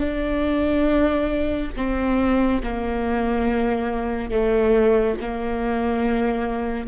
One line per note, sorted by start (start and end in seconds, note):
0.00 1.71 D4
1.76 2.62 C4
2.63 4.31 A#3
4.31 5.16 A3
5.21 6.87 A#3